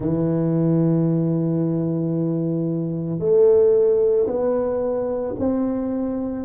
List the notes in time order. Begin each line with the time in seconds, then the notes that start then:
0.00 E3
3.19 A3
4.27 B3
5.39 C4